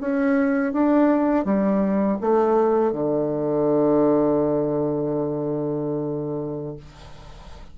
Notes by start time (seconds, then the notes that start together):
0.00 C#4
0.72 D4
1.44 G3
2.20 A3
2.92 D3